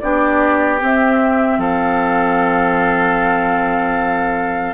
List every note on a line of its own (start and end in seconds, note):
0.00 0.82 B3
0.00 0.80 D4
0.00 1.59 G4
0.00 0.79 D5
0.80 4.74 C4
0.80 1.58 C4
0.80 1.60 E5
1.58 4.74 F3
1.58 4.74 A4
1.58 4.74 F5